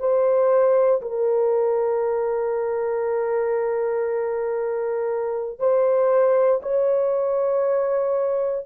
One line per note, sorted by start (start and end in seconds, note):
0.00 1.02 C5
1.02 5.59 A#4
5.59 6.61 C5
6.62 8.66 C#5